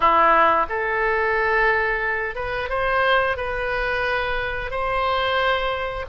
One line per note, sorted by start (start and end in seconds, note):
0.00 0.66 E4
0.69 2.35 A4
2.35 2.69 B4
2.69 3.36 C5
3.36 4.70 B4
4.70 6.05 C5